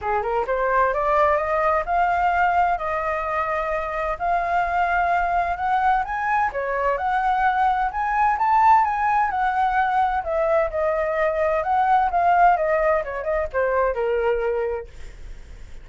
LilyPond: \new Staff \with { instrumentName = "flute" } { \time 4/4 \tempo 4 = 129 gis'8 ais'8 c''4 d''4 dis''4 | f''2 dis''2~ | dis''4 f''2. | fis''4 gis''4 cis''4 fis''4~ |
fis''4 gis''4 a''4 gis''4 | fis''2 e''4 dis''4~ | dis''4 fis''4 f''4 dis''4 | cis''8 dis''8 c''4 ais'2 | }